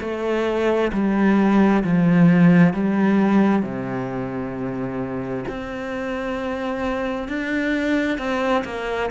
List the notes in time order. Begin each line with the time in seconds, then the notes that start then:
0.00 A3
0.92 G3
1.83 F3
2.73 G3
3.62 C3
5.48 C4
7.28 D4
8.18 C4
8.64 A#3